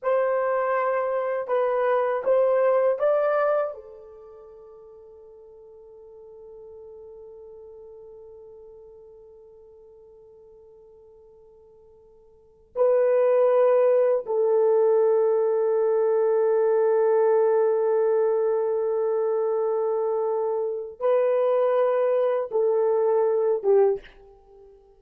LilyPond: \new Staff \with { instrumentName = "horn" } { \time 4/4 \tempo 4 = 80 c''2 b'4 c''4 | d''4 a'2.~ | a'1~ | a'1~ |
a'4 b'2 a'4~ | a'1~ | a'1 | b'2 a'4. g'8 | }